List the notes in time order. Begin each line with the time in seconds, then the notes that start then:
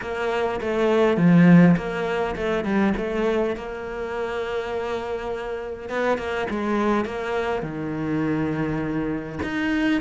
0.01 A#3
0.60 A3
1.17 F3
1.76 A#3
2.36 A3
2.64 G3
2.97 A3
3.56 A#3
5.89 B3
6.17 A#3
6.50 G#3
7.05 A#3
7.62 D#3
9.42 D#4